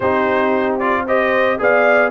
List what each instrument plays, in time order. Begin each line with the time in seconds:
0.00 tuba C4, trombone D#4, horn G4, trumpet C5
0.79 trombone F4, trumpet D5
1.06 trombone G4, horn C5, trumpet D#5
1.59 tuba B3, trombone G#4, horn D5, trumpet F5